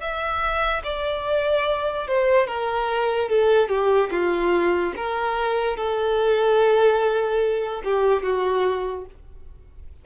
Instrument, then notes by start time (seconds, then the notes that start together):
violin
0.00 E5
0.84 D5
2.07 C5
2.47 A#4
3.29 A4
3.69 G4
4.11 F4
4.97 A#4
5.77 A4
7.85 G4
8.23 F#4